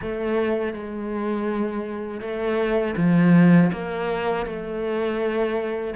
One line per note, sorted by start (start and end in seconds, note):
0.01 0.73 A3
0.73 2.20 G#3
2.20 2.95 A3
2.96 3.70 F3
3.72 4.45 A#3
4.45 5.94 A3